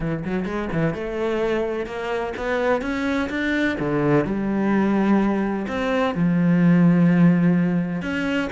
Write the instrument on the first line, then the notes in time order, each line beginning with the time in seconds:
cello
0.00 E3
0.24 F#3
0.45 G#3
0.72 E3
0.94 A3
1.86 A#3
2.36 B3
2.81 C#4
3.29 D4
3.79 D3
4.24 G3
5.67 C4
6.15 F3
8.02 C#4